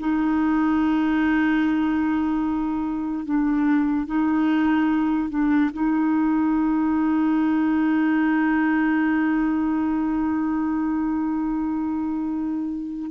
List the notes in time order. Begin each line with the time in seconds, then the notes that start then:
0.00 D#4
3.25 D4
4.07 D#4
5.30 D4
5.73 D#4